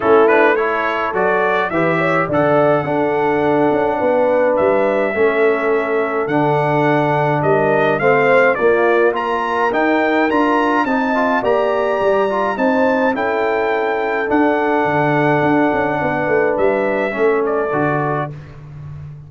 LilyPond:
<<
  \new Staff \with { instrumentName = "trumpet" } { \time 4/4 \tempo 4 = 105 a'8 b'8 cis''4 d''4 e''4 | fis''1 | e''2. fis''4~ | fis''4 dis''4 f''4 d''4 |
ais''4 g''4 ais''4 a''4 | ais''2 a''4 g''4~ | g''4 fis''2.~ | fis''4 e''4. d''4. | }
  \new Staff \with { instrumentName = "horn" } { \time 4/4 e'4 a'2 b'8 cis''8 | d''4 a'2 b'4~ | b'4 a'2.~ | a'4 ais'4 c''4 f'4 |
ais'2. dis''4 | d''2 c''4 a'4~ | a'1 | b'2 a'2 | }
  \new Staff \with { instrumentName = "trombone" } { \time 4/4 cis'8 d'8 e'4 fis'4 g'4 | a'4 d'2.~ | d'4 cis'2 d'4~ | d'2 c'4 ais4 |
f'4 dis'4 f'4 dis'8 f'8 | g'4. f'8 dis'4 e'4~ | e'4 d'2.~ | d'2 cis'4 fis'4 | }
  \new Staff \with { instrumentName = "tuba" } { \time 4/4 a2 fis4 e4 | d4 d'4. cis'8 b4 | g4 a2 d4~ | d4 g4 a4 ais4~ |
ais4 dis'4 d'4 c'4 | ais4 g4 c'4 cis'4~ | cis'4 d'4 d4 d'8 cis'8 | b8 a8 g4 a4 d4 | }
>>